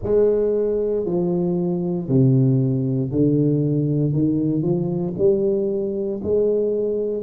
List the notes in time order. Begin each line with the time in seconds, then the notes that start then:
0.03 G#3
1.05 F3
2.08 C3
3.11 D3
4.12 D#3
4.62 F3
5.17 G3
6.23 G#3